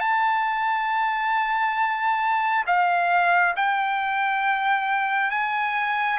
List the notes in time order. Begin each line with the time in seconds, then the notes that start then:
0.00 A5
2.66 F5
3.56 G5
5.31 G#5